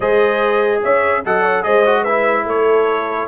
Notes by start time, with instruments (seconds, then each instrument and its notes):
0.00 tuba G#3, trombone G#4, horn C5, trumpet D#5
0.83 tuba C#4, horn C#5, trumpet E5
1.24 tuba F#3, trombone A4, horn D#5, trumpet F#5
1.42 horn C#5
1.63 tuba G#3, trombone G#4, horn C5, trumpet D#5
1.85 trombone F#4
2.02 trombone E4, horn B4, trumpet E5
2.45 tuba A3, horn A4, trumpet C#5